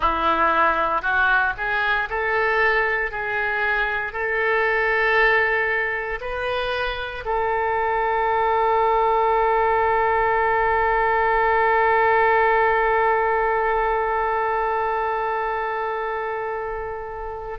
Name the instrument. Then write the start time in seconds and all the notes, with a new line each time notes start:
oboe
0.00 E4
1.02 F#4
1.57 G#4
2.09 A4
3.11 G#4
4.12 A4
6.21 B4
7.25 A4